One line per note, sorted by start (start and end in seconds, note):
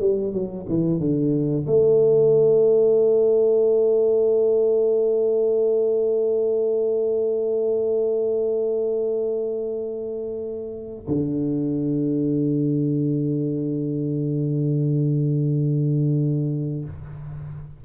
0.00 0.33 G3
0.33 0.66 F#3
0.69 1.00 E3
1.00 1.66 D3
1.67 11.06 A3
11.08 16.85 D3